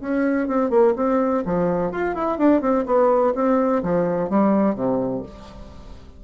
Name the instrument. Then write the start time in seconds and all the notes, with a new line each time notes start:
bassoon
0.00 C#4
0.47 C4
0.69 A#3
0.95 C4
1.45 F3
1.91 F4
2.14 E4
2.37 D4
2.61 C4
2.85 B3
3.34 C4
3.82 F3
4.29 G3
4.74 C3